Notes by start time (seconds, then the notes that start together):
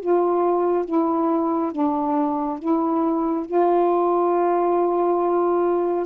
0.00 F4
0.85 E4
1.72 D4
2.59 E4
3.46 F4